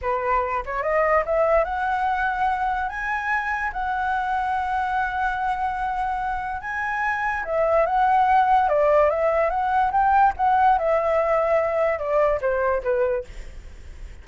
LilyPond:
\new Staff \with { instrumentName = "flute" } { \time 4/4 \tempo 4 = 145 b'4. cis''8 dis''4 e''4 | fis''2. gis''4~ | gis''4 fis''2.~ | fis''1 |
gis''2 e''4 fis''4~ | fis''4 d''4 e''4 fis''4 | g''4 fis''4 e''2~ | e''4 d''4 c''4 b'4 | }